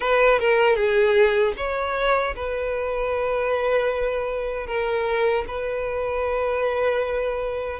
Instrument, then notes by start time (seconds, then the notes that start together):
violin
0.00 B4
0.39 A#4
0.75 G#4
1.57 C#5
2.35 B4
4.66 A#4
5.47 B4